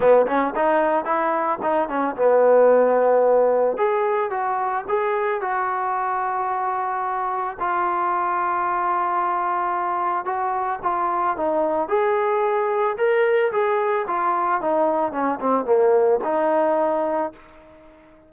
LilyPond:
\new Staff \with { instrumentName = "trombone" } { \time 4/4 \tempo 4 = 111 b8 cis'8 dis'4 e'4 dis'8 cis'8 | b2. gis'4 | fis'4 gis'4 fis'2~ | fis'2 f'2~ |
f'2. fis'4 | f'4 dis'4 gis'2 | ais'4 gis'4 f'4 dis'4 | cis'8 c'8 ais4 dis'2 | }